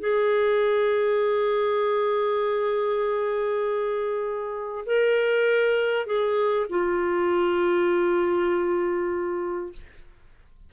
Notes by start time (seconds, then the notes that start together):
0.00 G#4
4.86 A#4
6.06 G#4
6.70 F4